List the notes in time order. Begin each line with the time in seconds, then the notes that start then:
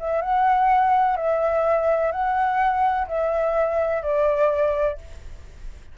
0.00 E5
0.22 F#5
1.17 E5
2.12 F#5
3.08 E5
4.03 D5